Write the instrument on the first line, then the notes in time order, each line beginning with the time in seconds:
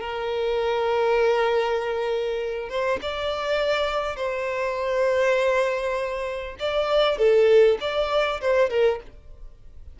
violin
0.00 A#4
2.69 C5
3.02 D5
4.16 C5
6.59 D5
7.18 A4
7.80 D5
8.41 C5
8.70 A#4